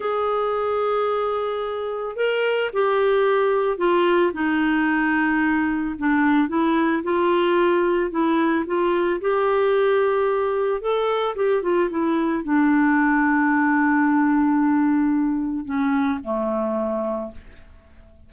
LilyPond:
\new Staff \with { instrumentName = "clarinet" } { \time 4/4 \tempo 4 = 111 gis'1 | ais'4 g'2 f'4 | dis'2. d'4 | e'4 f'2 e'4 |
f'4 g'2. | a'4 g'8 f'8 e'4 d'4~ | d'1~ | d'4 cis'4 a2 | }